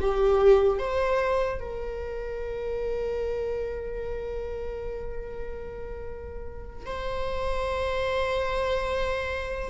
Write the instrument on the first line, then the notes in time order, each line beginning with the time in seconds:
viola
0.00 G4
0.78 C5
1.60 A#4
6.86 C5